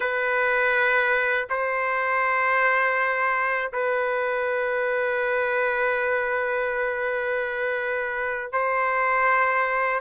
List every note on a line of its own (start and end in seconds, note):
0.00 1.46 B4
1.49 3.72 C5
3.72 8.52 B4
8.52 10.00 C5